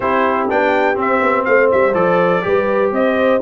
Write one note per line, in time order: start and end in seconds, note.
0.00 0.49 C4
0.00 0.49 E4
0.00 1.46 G4
0.00 0.48 C5
0.49 0.96 B3
0.49 0.94 D4
0.49 0.98 G5
0.94 1.92 C4
0.94 1.21 C4
1.01 1.44 E5
1.22 1.46 B3
1.44 1.71 A3
1.44 2.45 C5
1.44 1.69 F5
1.71 1.94 G3
1.71 1.94 E5
1.94 2.42 F3
1.94 2.42 A4
1.94 2.91 D5
2.42 2.91 G3
2.42 3.40 G4
2.42 2.94 B4
2.91 3.40 C4
2.91 3.42 C5
2.91 3.42 D#5